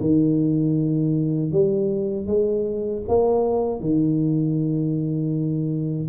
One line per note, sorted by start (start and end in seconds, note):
0.00 1.52 D#3
1.52 2.27 G3
2.27 3.03 G#3
3.08 3.80 A#3
3.80 6.08 D#3